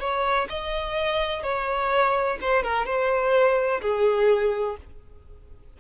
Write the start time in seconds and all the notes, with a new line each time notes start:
0.00 C#5
0.49 D#5
1.43 C#5
2.41 C5
2.63 A#4
2.86 C5
3.81 G#4